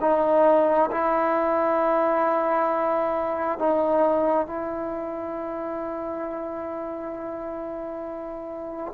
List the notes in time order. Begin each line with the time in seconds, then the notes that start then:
0.00 D#4
0.91 E4
3.59 D#4
4.47 E4